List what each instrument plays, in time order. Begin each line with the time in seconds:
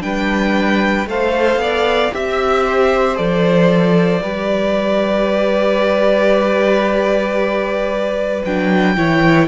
0.00 cello G3, viola D4, violin B4 G5
1.06 cello A3, viola A4, violin C5 F5
1.56 cello B3, violin D5
2.12 cello C4, viola G4, violin E5
2.66 violin C5
3.16 cello F3, viola A4, violin D5
4.22 cello G3, viola G4, violin B4
8.45 cello F#3, viola D4, violin G5
8.96 cello E3, viola E4, violin C#5